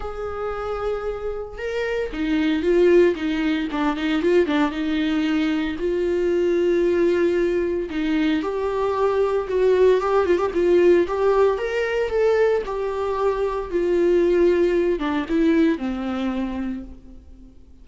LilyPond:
\new Staff \with { instrumentName = "viola" } { \time 4/4 \tempo 4 = 114 gis'2. ais'4 | dis'4 f'4 dis'4 d'8 dis'8 | f'8 d'8 dis'2 f'4~ | f'2. dis'4 |
g'2 fis'4 g'8 f'16 g'16 | f'4 g'4 ais'4 a'4 | g'2 f'2~ | f'8 d'8 e'4 c'2 | }